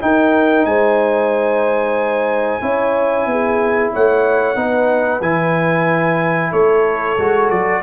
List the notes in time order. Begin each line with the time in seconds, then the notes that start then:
0.00 D#4 A#4 G5
0.65 G#3 C5 G#5
2.61 C#4 E4 C#5
3.26 B3 G#4
3.93 A3 C#5 F#5
4.55 B3 D#4 B4
5.21 E3 E4 G#5
6.51 A3 A4 C#5
7.18 G#3 F#4
7.50 F#3 D5